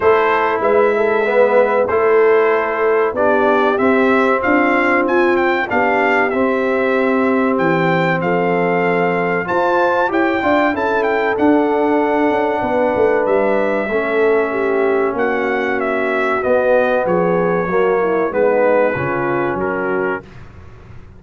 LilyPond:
<<
  \new Staff \with { instrumentName = "trumpet" } { \time 4/4 \tempo 4 = 95 c''4 e''2 c''4~ | c''4 d''4 e''4 f''4 | gis''8 g''8 f''4 e''2 | g''4 f''2 a''4 |
g''4 a''8 g''8 fis''2~ | fis''4 e''2. | fis''4 e''4 dis''4 cis''4~ | cis''4 b'2 ais'4 | }
  \new Staff \with { instrumentName = "horn" } { \time 4/4 a'4 b'8 a'8 b'4 a'4~ | a'4 g'2 f'4~ | f'4 g'2.~ | g'4 a'2 c''4 |
cis''8 d''8 a'2. | b'2 a'4 g'4 | fis'2. gis'4 | fis'8 e'8 dis'4 f'4 fis'4 | }
  \new Staff \with { instrumentName = "trombone" } { \time 4/4 e'2 b4 e'4~ | e'4 d'4 c'2~ | c'4 d'4 c'2~ | c'2. f'4 |
g'8 f'8 e'4 d'2~ | d'2 cis'2~ | cis'2 b2 | ais4 b4 cis'2 | }
  \new Staff \with { instrumentName = "tuba" } { \time 4/4 a4 gis2 a4~ | a4 b4 c'4 d'4 | f'4 b4 c'2 | e4 f2 f'4 |
e'8 d'8 cis'4 d'4. cis'8 | b8 a8 g4 a2 | ais2 b4 f4 | fis4 gis4 cis4 fis4 | }
>>